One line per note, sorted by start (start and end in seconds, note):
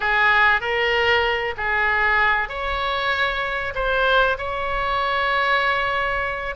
0.00 0.60 G#4
0.60 1.54 A#4
1.57 2.48 G#4
2.48 3.73 C#5
3.74 4.37 C5
4.38 6.55 C#5